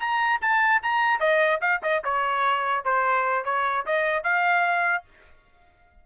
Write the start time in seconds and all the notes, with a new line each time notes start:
0.00 A#5
0.42 A5
0.83 A#5
1.20 D#5
1.61 F5
1.83 D#5
2.04 C#5
2.85 C5
3.45 C#5
3.86 D#5
4.23 F5